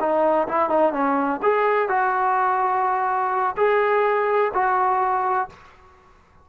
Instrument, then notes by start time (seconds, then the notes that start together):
trombone
0.00 D#4
0.48 E4
0.70 D#4
0.92 C#4
1.42 G#4
1.89 F#4
3.57 G#4
4.54 F#4